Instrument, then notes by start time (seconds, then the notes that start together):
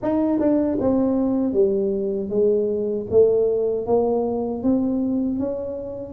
tuba
0.02 D#4
0.39 D4
0.80 C4
1.53 G3
2.29 G#3
3.10 A3
3.86 A#3
4.63 C4
5.39 C#4